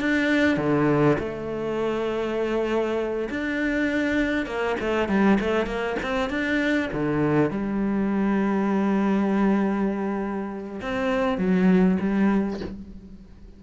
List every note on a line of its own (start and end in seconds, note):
0.00 0.57 D4
0.57 1.17 D3
1.19 3.29 A3
3.30 4.46 D4
4.46 4.76 A#3
4.80 5.08 A3
5.08 5.38 G3
5.40 5.66 A3
5.66 5.96 A#3
6.02 6.29 C4
6.29 6.89 D4
6.93 7.51 D3
7.51 10.81 G3
10.81 11.38 C4
11.38 11.98 F#3
12.00 12.60 G3